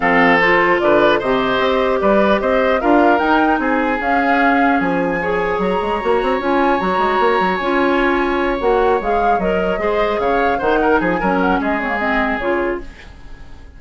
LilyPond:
<<
  \new Staff \with { instrumentName = "flute" } { \time 4/4 \tempo 4 = 150 f''4 c''4 d''4 dis''4~ | dis''4 d''4 dis''4 f''4 | g''4 gis''4 f''2 | gis''2 ais''2 |
gis''4 ais''2 gis''4~ | gis''4. fis''4 f''4 dis''8~ | dis''4. f''4 fis''4 gis''8~ | gis''8 fis''8 dis''8 cis''8 dis''4 cis''4 | }
  \new Staff \with { instrumentName = "oboe" } { \time 4/4 a'2 b'4 c''4~ | c''4 b'4 c''4 ais'4~ | ais'4 gis'2.~ | gis'4 cis''2.~ |
cis''1~ | cis''1~ | cis''8 c''4 cis''4 c''8 ais'8 gis'8 | ais'4 gis'2. | }
  \new Staff \with { instrumentName = "clarinet" } { \time 4/4 c'4 f'2 g'4~ | g'2. f'4 | dis'2 cis'2~ | cis'4 gis'2 fis'4 |
f'4 fis'2 f'4~ | f'4. fis'4 gis'4 ais'8~ | ais'8 gis'2 dis'4. | cis'4. c'16 ais16 c'4 f'4 | }
  \new Staff \with { instrumentName = "bassoon" } { \time 4/4 f2 d4 c4 | c'4 g4 c'4 d'4 | dis'4 c'4 cis'2 | f2 fis8 gis8 ais8 c'8 |
cis'4 fis8 gis8 ais8 fis8 cis'4~ | cis'4. ais4 gis4 fis8~ | fis8 gis4 cis4 dis4 f8 | fis4 gis2 cis4 | }
>>